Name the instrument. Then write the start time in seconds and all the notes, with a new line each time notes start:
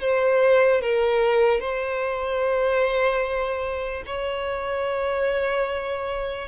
violin
0.00 C5
0.81 A#4
1.60 C5
4.06 C#5